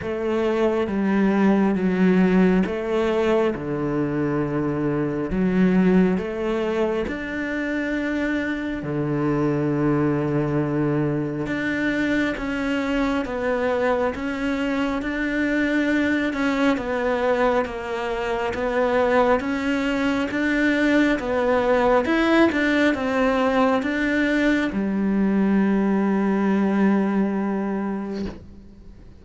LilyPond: \new Staff \with { instrumentName = "cello" } { \time 4/4 \tempo 4 = 68 a4 g4 fis4 a4 | d2 fis4 a4 | d'2 d2~ | d4 d'4 cis'4 b4 |
cis'4 d'4. cis'8 b4 | ais4 b4 cis'4 d'4 | b4 e'8 d'8 c'4 d'4 | g1 | }